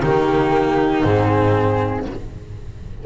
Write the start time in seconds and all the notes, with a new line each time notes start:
0.00 D#3 A#3 D#4 G4
1.04 G#2 C4 G#4